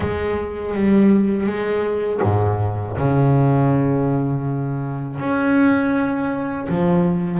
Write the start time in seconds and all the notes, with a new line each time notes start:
0.00 G#3
0.74 G3
1.46 G#3
2.22 G#2
2.97 C#3
5.19 C#4
6.68 F3